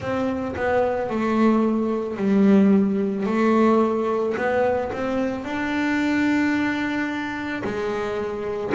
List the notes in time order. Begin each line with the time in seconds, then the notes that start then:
0.00 C4
0.56 B3
1.09 A3
2.16 G3
3.26 A3
4.37 B3
4.92 C4
5.44 D4
7.64 G#3